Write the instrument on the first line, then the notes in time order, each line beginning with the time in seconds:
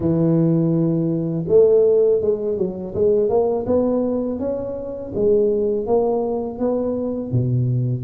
tuba
0.00 E3
1.48 A3
2.21 G#3
2.57 F#3
2.94 G#3
3.29 A#3
3.66 B3
4.39 C#4
5.14 G#3
5.86 A#3
6.58 B3
7.31 B2